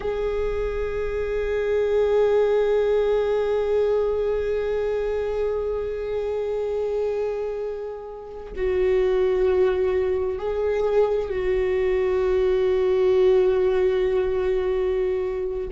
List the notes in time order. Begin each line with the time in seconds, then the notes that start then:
0.00 G#4
8.56 F#4
10.38 G#4
11.29 F#4